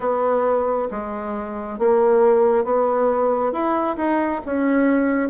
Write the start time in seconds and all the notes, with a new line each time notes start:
0.00 B3
0.90 G#3
1.78 A#3
2.64 B3
3.52 E4
3.96 D#4
4.45 C#4